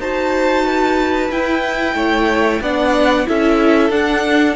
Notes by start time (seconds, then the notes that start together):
0.00 D#4 F#4 C5 A5
0.65 B4
1.31 E4 G5
1.95 A3 C#5
2.62 B3 D4 D5 F#5
3.26 C#4 E4 A4 E5
3.90 D4 F#5